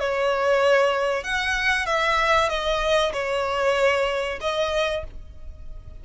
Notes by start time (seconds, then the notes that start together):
0.00 C#5
1.24 F#5
1.86 E5
2.50 D#5
3.13 C#5
4.41 D#5